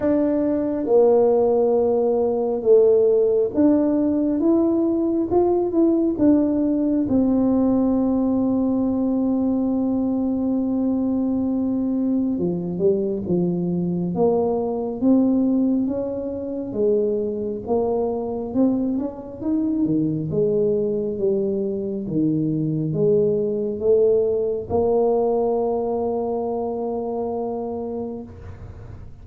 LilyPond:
\new Staff \with { instrumentName = "tuba" } { \time 4/4 \tempo 4 = 68 d'4 ais2 a4 | d'4 e'4 f'8 e'8 d'4 | c'1~ | c'2 f8 g8 f4 |
ais4 c'4 cis'4 gis4 | ais4 c'8 cis'8 dis'8 dis8 gis4 | g4 dis4 gis4 a4 | ais1 | }